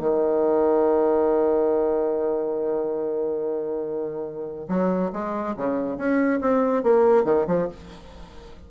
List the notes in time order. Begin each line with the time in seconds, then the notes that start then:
0.00 D#3
4.69 F#3
5.13 G#3
5.57 C#3
5.98 C#4
6.41 C4
6.83 A#3
7.25 D#3
7.48 F3